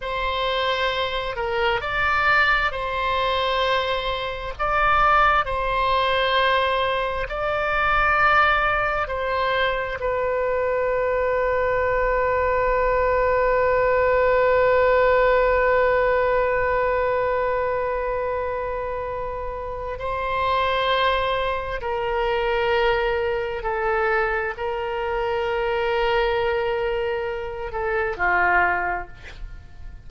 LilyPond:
\new Staff \with { instrumentName = "oboe" } { \time 4/4 \tempo 4 = 66 c''4. ais'8 d''4 c''4~ | c''4 d''4 c''2 | d''2 c''4 b'4~ | b'1~ |
b'1~ | b'2 c''2 | ais'2 a'4 ais'4~ | ais'2~ ais'8 a'8 f'4 | }